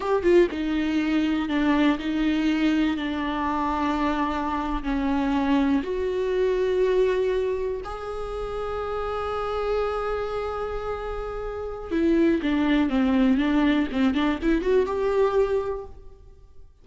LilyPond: \new Staff \with { instrumentName = "viola" } { \time 4/4 \tempo 4 = 121 g'8 f'8 dis'2 d'4 | dis'2 d'2~ | d'4.~ d'16 cis'2 fis'16~ | fis'2.~ fis'8. gis'16~ |
gis'1~ | gis'1 | e'4 d'4 c'4 d'4 | c'8 d'8 e'8 fis'8 g'2 | }